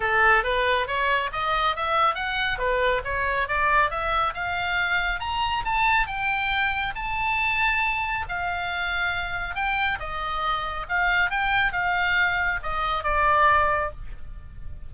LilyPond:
\new Staff \with { instrumentName = "oboe" } { \time 4/4 \tempo 4 = 138 a'4 b'4 cis''4 dis''4 | e''4 fis''4 b'4 cis''4 | d''4 e''4 f''2 | ais''4 a''4 g''2 |
a''2. f''4~ | f''2 g''4 dis''4~ | dis''4 f''4 g''4 f''4~ | f''4 dis''4 d''2 | }